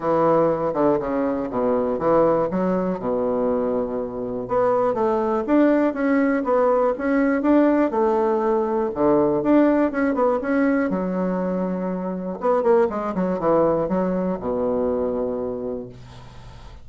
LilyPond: \new Staff \with { instrumentName = "bassoon" } { \time 4/4 \tempo 4 = 121 e4. d8 cis4 b,4 | e4 fis4 b,2~ | b,4 b4 a4 d'4 | cis'4 b4 cis'4 d'4 |
a2 d4 d'4 | cis'8 b8 cis'4 fis2~ | fis4 b8 ais8 gis8 fis8 e4 | fis4 b,2. | }